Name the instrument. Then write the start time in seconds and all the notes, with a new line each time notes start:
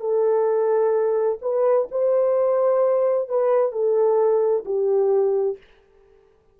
horn
0.00 A4
1.42 B4
1.91 C5
3.29 B4
3.72 A4
4.65 G4